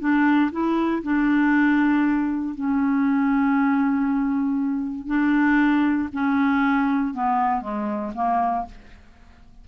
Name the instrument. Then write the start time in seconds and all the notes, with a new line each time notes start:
clarinet
0.00 D4
0.52 E4
1.03 D4
2.55 C#4
5.07 D4
6.13 C#4
7.14 B3
7.61 G#3
8.15 A#3